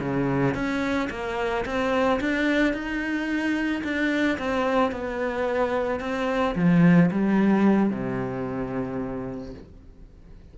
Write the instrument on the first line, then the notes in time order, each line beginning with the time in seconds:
cello
0.00 C#3
0.54 C#4
1.10 A#3
1.66 C4
2.20 D4
2.73 D#4
3.84 D4
4.38 C4
4.92 B3
6.00 C4
6.55 F3
7.11 G3
7.90 C3